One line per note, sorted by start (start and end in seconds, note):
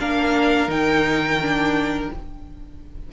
0.00 0.68 A#3
0.00 0.69 D4
0.00 2.13 A#4
0.00 0.71 F5
0.68 2.09 D#3
0.68 1.39 D#4
0.68 2.12 G5
1.42 2.12 D4